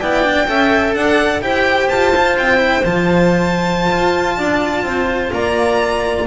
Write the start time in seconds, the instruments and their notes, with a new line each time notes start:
0.00 double bass B3, cello E4, clarinet D5, violin G5
0.23 cello D4
0.47 double bass C#4, cello A4, clarinet E5
0.95 double bass D4, clarinet D5, violin F#5
1.42 double bass E4, cello G4, clarinet C5, violin G5
1.89 double bass F4, violin A5
2.16 cello F4
2.37 double bass C4, violin G5
2.58 cello E4
2.85 double bass F3, cello F4, violin A5
3.91 double bass F4
4.37 double bass D4, clarinet D5
4.83 double bass C4, clarinet C5
5.33 double bass A#3, clarinet D5, violin A#5